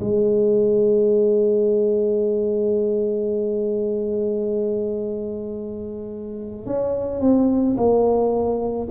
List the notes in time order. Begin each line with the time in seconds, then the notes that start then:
0.00 G#3
6.66 C#4
7.21 C4
7.77 A#3